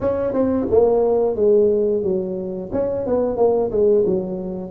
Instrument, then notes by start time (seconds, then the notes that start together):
tuba
0.00 C#4
0.33 C4
0.70 A#3
1.35 G#3
2.03 F#3
2.72 C#4
3.06 B3
3.36 A#3
3.71 G#3
4.06 F#3